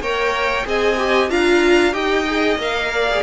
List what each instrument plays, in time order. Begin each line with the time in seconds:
0.00 cello A#3, viola A#4, violin C#5 G5
0.64 cello C4, viola G#4, violin D#5 G#5
0.98 viola G4
1.30 cello D4, viola F4, violin F5 A#5
1.92 cello D#4, viola G4, violin D#5 G5
2.27 viola G#4
2.56 cello A#3, viola A#4
2.62 violin F5
2.94 violin D5
3.10 viola G#4